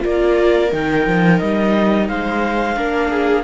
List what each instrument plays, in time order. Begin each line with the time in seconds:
0.00 cello A#3, viola F4 A#4, clarinet D5
0.72 cello D#3, viola D#4, clarinet G5
1.06 cello F3
1.39 cello G3, clarinet D#5
2.08 cello G#3, viola C5, clarinet F5
2.76 cello A#3, viola D4 A#4
3.09 viola G#4